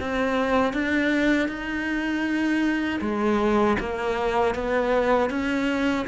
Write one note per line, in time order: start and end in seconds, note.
0.00 0.73 C4
0.73 1.48 D4
1.48 3.00 D#4
3.01 3.77 G#3
3.79 4.55 A#3
4.55 5.30 B3
5.30 6.06 C#4